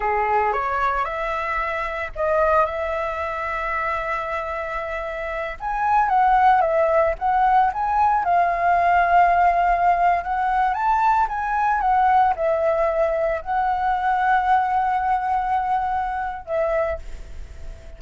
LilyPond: \new Staff \with { instrumentName = "flute" } { \time 4/4 \tempo 4 = 113 gis'4 cis''4 e''2 | dis''4 e''2.~ | e''2~ e''8 gis''4 fis''8~ | fis''8 e''4 fis''4 gis''4 f''8~ |
f''2.~ f''16 fis''8.~ | fis''16 a''4 gis''4 fis''4 e''8.~ | e''4~ e''16 fis''2~ fis''8.~ | fis''2. e''4 | }